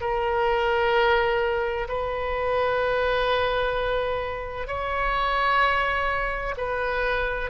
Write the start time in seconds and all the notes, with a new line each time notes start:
0.00 A#4
1.88 B4
4.67 C#5
6.57 B4